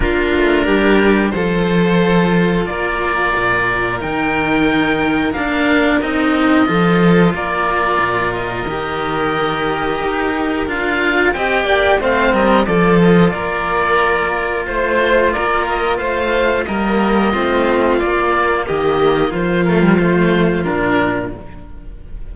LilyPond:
<<
  \new Staff \with { instrumentName = "oboe" } { \time 4/4 \tempo 4 = 90 ais'2 c''2 | d''2 g''2 | f''4 dis''2 d''4~ | d''8 dis''2.~ dis''8 |
f''4 g''4 f''8 dis''8 d''8 dis''8 | d''2 c''4 d''8 dis''8 | f''4 dis''2 d''4 | dis''4 c''8 ais'8 c''4 ais'4 | }
  \new Staff \with { instrumentName = "violin" } { \time 4/4 f'4 g'4 a'2 | ais'1~ | ais'2 a'4 ais'4~ | ais'1~ |
ais'4 dis''8 d''8 c''8 ais'8 a'4 | ais'2 c''4 ais'4 | c''4 ais'4 f'2 | g'4 f'2. | }
  \new Staff \with { instrumentName = "cello" } { \time 4/4 d'2 f'2~ | f'2 dis'2 | d'4 dis'4 f'2~ | f'4 g'2. |
f'4 g'4 c'4 f'4~ | f'1~ | f'4 ais4 c'4 ais4~ | ais4. a16 g16 a4 d'4 | }
  \new Staff \with { instrumentName = "cello" } { \time 4/4 ais8 a8 g4 f2 | ais4 ais,4 dis2 | ais4 c'4 f4 ais4 | ais,4 dis2 dis'4 |
d'4 c'8 ais8 a8 g8 f4 | ais2 a4 ais4 | a4 g4 a4 ais4 | dis4 f2 ais,4 | }
>>